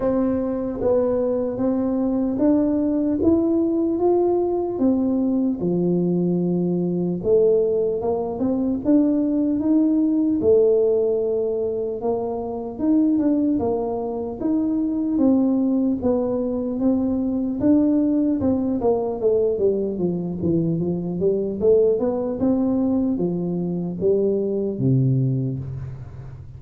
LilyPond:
\new Staff \with { instrumentName = "tuba" } { \time 4/4 \tempo 4 = 75 c'4 b4 c'4 d'4 | e'4 f'4 c'4 f4~ | f4 a4 ais8 c'8 d'4 | dis'4 a2 ais4 |
dis'8 d'8 ais4 dis'4 c'4 | b4 c'4 d'4 c'8 ais8 | a8 g8 f8 e8 f8 g8 a8 b8 | c'4 f4 g4 c4 | }